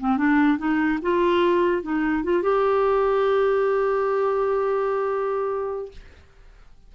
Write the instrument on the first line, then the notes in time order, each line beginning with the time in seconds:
clarinet
0.00 C4
0.17 D4
0.58 D#4
1.02 F4
1.82 D#4
2.24 F4
2.42 G4